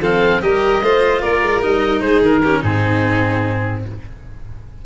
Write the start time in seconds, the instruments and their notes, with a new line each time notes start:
0.00 tuba F3, cello C4, violin A4, oboe F5
0.42 tuba G3, cello G4, violin A#4, oboe D#5
0.81 tuba A3, cello F4, violin C5
1.21 tuba A#3, violin A#4, oboe D5
1.42 tuba G#3
1.61 tuba G3, cello D#4, oboe D#5
2.00 tuba G#3, violin G#4, oboe C5
2.21 tuba D#3, oboe A#4
2.43 cello C#4, violin G4
2.60 tuba G#2, cello C4, violin D#4, oboe G#4